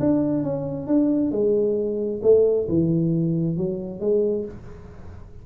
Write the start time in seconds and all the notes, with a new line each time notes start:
0.00 D4
0.43 C#4
0.87 D4
1.32 G#3
2.23 A3
2.69 E3
3.57 F#3
4.00 G#3